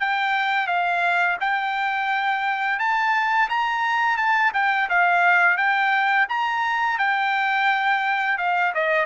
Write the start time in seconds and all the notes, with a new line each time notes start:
0.00 G5
0.67 F5
1.40 G5
2.79 A5
3.49 A#5
4.17 A5
4.53 G5
4.89 F5
5.57 G5
6.29 A#5
6.98 G5
8.38 F5
8.74 D#5